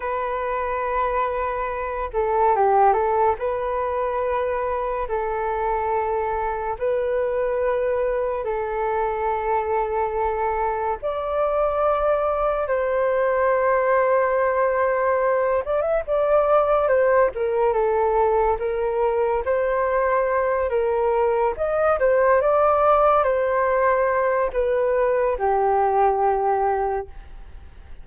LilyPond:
\new Staff \with { instrumentName = "flute" } { \time 4/4 \tempo 4 = 71 b'2~ b'8 a'8 g'8 a'8 | b'2 a'2 | b'2 a'2~ | a'4 d''2 c''4~ |
c''2~ c''8 d''16 e''16 d''4 | c''8 ais'8 a'4 ais'4 c''4~ | c''8 ais'4 dis''8 c''8 d''4 c''8~ | c''4 b'4 g'2 | }